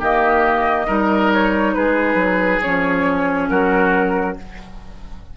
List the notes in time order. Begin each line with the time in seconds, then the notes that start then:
0.00 D#3 A#3 G4 D#5
0.87 G3 D#4 A#4
1.34 C#5
1.74 G#3 G#4 B4
2.15 F#3
2.62 F3 C#4 C#5
3.50 F#3 F#4 A#4